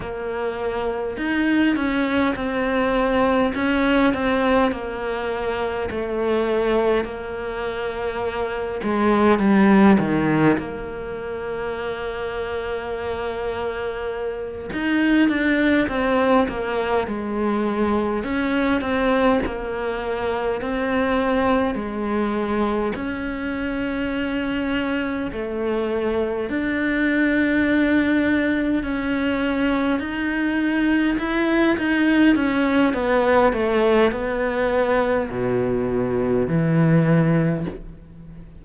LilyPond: \new Staff \with { instrumentName = "cello" } { \time 4/4 \tempo 4 = 51 ais4 dis'8 cis'8 c'4 cis'8 c'8 | ais4 a4 ais4. gis8 | g8 dis8 ais2.~ | ais8 dis'8 d'8 c'8 ais8 gis4 cis'8 |
c'8 ais4 c'4 gis4 cis'8~ | cis'4. a4 d'4.~ | d'8 cis'4 dis'4 e'8 dis'8 cis'8 | b8 a8 b4 b,4 e4 | }